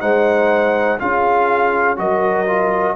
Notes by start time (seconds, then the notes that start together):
0.00 G#3 D#4 C5 F#5
0.99 C#4 F4 G#4 F5
1.96 F#3 F#4 A#4 D#5
2.47 F4